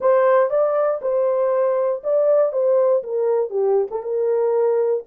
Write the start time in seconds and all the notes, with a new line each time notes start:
0.00 C5
0.50 D5
1.01 C5
2.03 D5
2.52 C5
3.03 A#4
3.50 G4
3.91 A4
4.02 A#4